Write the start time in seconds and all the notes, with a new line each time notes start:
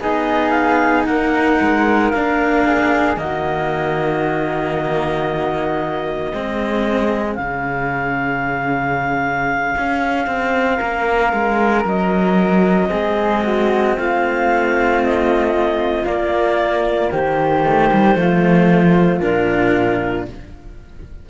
0.00 B3 D#4 G#4 D#5
0.50 F5
1.05 A#3 A#4 F#5
1.61 G#3
2.10 A#3 D4 F5
2.66 G#4
3.16 D#3 A#3 F#4 D#5
6.32 G#3 C4 G#4
7.35 C#3 C#4 F5
9.77 C#4
10.27 C4
10.77 A#3 A#4
11.33 G#3
11.85 F#3 D#5
12.89 G#3 C4 G#4
13.43 F#4
13.97 A3 F4 F5
15.03 D#5
16.04 A#3 D5
17.12 D#3 G4 C5
17.64 A3
17.92 G3
18.15 F3 A3 F4
19.20 A#2 D4 A#4